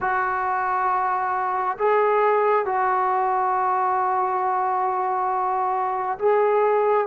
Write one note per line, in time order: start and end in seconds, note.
0.00 1.77 F#4
1.78 2.65 G#4
2.65 6.18 F#4
6.18 7.07 G#4